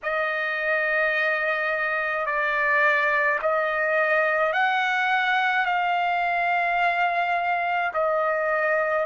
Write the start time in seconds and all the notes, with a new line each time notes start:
0.03 D#5
2.25 D5
3.42 D#5
4.52 F#5
5.65 F5
7.93 D#5